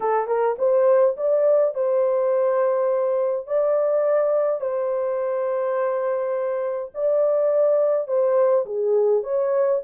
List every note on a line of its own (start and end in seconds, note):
0.00 0.27 A4
0.27 0.56 A#4
0.58 1.16 C5
1.17 1.74 D5
1.74 3.46 C5
3.46 4.60 D5
4.60 6.91 C5
6.94 8.07 D5
8.07 8.65 C5
8.65 9.23 G#4
9.23 9.81 C#5